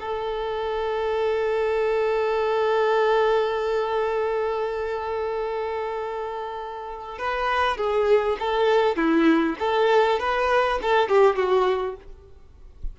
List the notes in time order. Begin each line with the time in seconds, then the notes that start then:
0.00 A4
7.19 B4
7.77 G#4
8.39 A4
8.96 E4
9.59 A4
10.19 B4
10.82 A4
11.09 G4
11.36 F#4